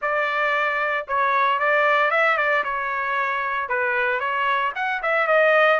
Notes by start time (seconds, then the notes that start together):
0.01 D5
1.07 C#5
1.59 D5
2.11 E5
2.37 D5
2.63 C#5
3.68 B4
4.19 C#5
4.75 F#5
5.02 E5
5.27 D#5